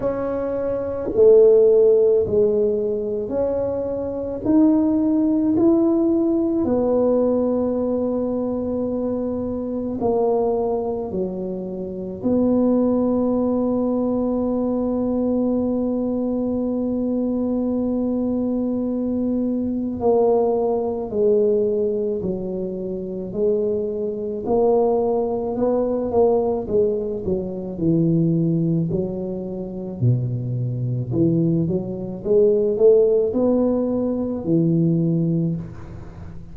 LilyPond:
\new Staff \with { instrumentName = "tuba" } { \time 4/4 \tempo 4 = 54 cis'4 a4 gis4 cis'4 | dis'4 e'4 b2~ | b4 ais4 fis4 b4~ | b1~ |
b2 ais4 gis4 | fis4 gis4 ais4 b8 ais8 | gis8 fis8 e4 fis4 b,4 | e8 fis8 gis8 a8 b4 e4 | }